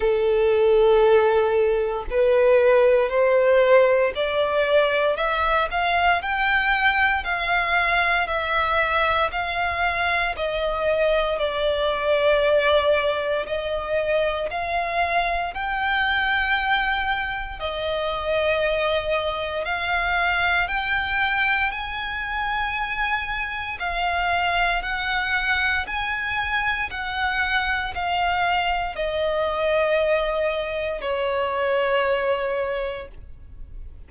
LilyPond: \new Staff \with { instrumentName = "violin" } { \time 4/4 \tempo 4 = 58 a'2 b'4 c''4 | d''4 e''8 f''8 g''4 f''4 | e''4 f''4 dis''4 d''4~ | d''4 dis''4 f''4 g''4~ |
g''4 dis''2 f''4 | g''4 gis''2 f''4 | fis''4 gis''4 fis''4 f''4 | dis''2 cis''2 | }